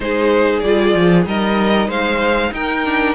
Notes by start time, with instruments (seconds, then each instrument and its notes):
0.00 cello G#3, viola D#4, violin G#4 C5
0.59 cello G3, viola F4, violin D5
0.94 cello F3
1.24 cello G3, viola D#4, violin A#4 D#5
1.87 cello G#3, violin C5 F5
2.52 cello D#4, violin A#4 G5
2.85 viola D4